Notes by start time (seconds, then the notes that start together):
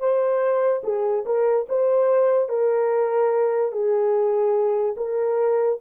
0.00 C5
0.84 G#4
1.26 A#4
1.69 C5
2.49 A#4
3.72 G#4
4.97 A#4